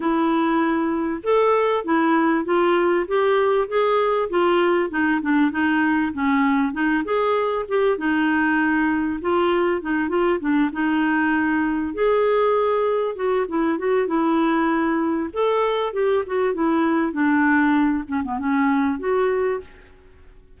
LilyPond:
\new Staff \with { instrumentName = "clarinet" } { \time 4/4 \tempo 4 = 98 e'2 a'4 e'4 | f'4 g'4 gis'4 f'4 | dis'8 d'8 dis'4 cis'4 dis'8 gis'8~ | gis'8 g'8 dis'2 f'4 |
dis'8 f'8 d'8 dis'2 gis'8~ | gis'4. fis'8 e'8 fis'8 e'4~ | e'4 a'4 g'8 fis'8 e'4 | d'4. cis'16 b16 cis'4 fis'4 | }